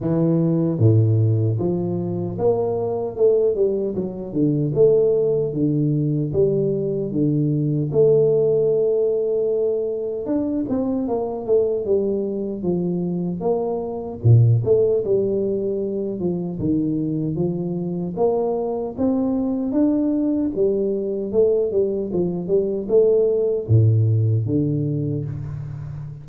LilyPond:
\new Staff \with { instrumentName = "tuba" } { \time 4/4 \tempo 4 = 76 e4 a,4 f4 ais4 | a8 g8 fis8 d8 a4 d4 | g4 d4 a2~ | a4 d'8 c'8 ais8 a8 g4 |
f4 ais4 ais,8 a8 g4~ | g8 f8 dis4 f4 ais4 | c'4 d'4 g4 a8 g8 | f8 g8 a4 a,4 d4 | }